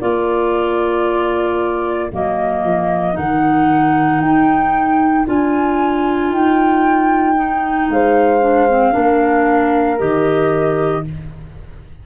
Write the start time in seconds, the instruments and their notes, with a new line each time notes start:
0.00 tuba A#3, clarinet F4, horn A#4, flute D5
2.12 tuba F#3, clarinet A#3, flute D#5
2.64 tuba F3
3.14 tuba D#3, clarinet D#4, flute F#5
4.21 tuba D#4, flute G5
5.27 tuba D4, clarinet F4, flute G#5
6.31 tuba D#4, flute G5
7.36 clarinet D#4
7.90 tuba G#3, horn C5, flute F5
8.41 clarinet D4
8.70 clarinet C4
8.93 tuba A#3, clarinet D4, horn A#4
9.99 tuba D#3, clarinet G4, flute D#5